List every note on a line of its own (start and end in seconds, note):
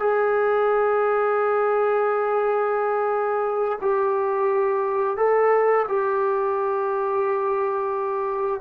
0.00 3.79 G#4
3.82 5.18 G4
5.18 5.87 A4
5.88 8.61 G4